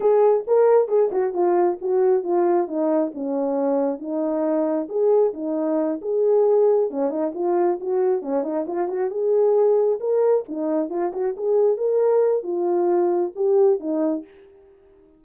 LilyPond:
\new Staff \with { instrumentName = "horn" } { \time 4/4 \tempo 4 = 135 gis'4 ais'4 gis'8 fis'8 f'4 | fis'4 f'4 dis'4 cis'4~ | cis'4 dis'2 gis'4 | dis'4. gis'2 cis'8 |
dis'8 f'4 fis'4 cis'8 dis'8 f'8 | fis'8 gis'2 ais'4 dis'8~ | dis'8 f'8 fis'8 gis'4 ais'4. | f'2 g'4 dis'4 | }